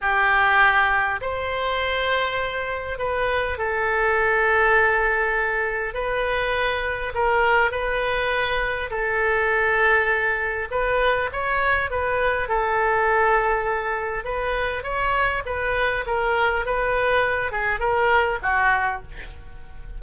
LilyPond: \new Staff \with { instrumentName = "oboe" } { \time 4/4 \tempo 4 = 101 g'2 c''2~ | c''4 b'4 a'2~ | a'2 b'2 | ais'4 b'2 a'4~ |
a'2 b'4 cis''4 | b'4 a'2. | b'4 cis''4 b'4 ais'4 | b'4. gis'8 ais'4 fis'4 | }